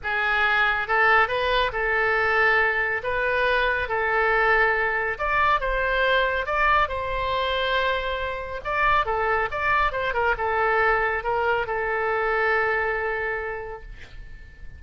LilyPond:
\new Staff \with { instrumentName = "oboe" } { \time 4/4 \tempo 4 = 139 gis'2 a'4 b'4 | a'2. b'4~ | b'4 a'2. | d''4 c''2 d''4 |
c''1 | d''4 a'4 d''4 c''8 ais'8 | a'2 ais'4 a'4~ | a'1 | }